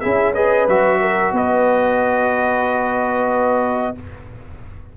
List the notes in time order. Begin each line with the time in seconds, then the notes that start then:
0.00 C#4 E4 G#4 E5
0.34 G#4 B4 D#5
0.68 F#3 F#4 E5
1.01 A#4
1.32 B3 B4 D#5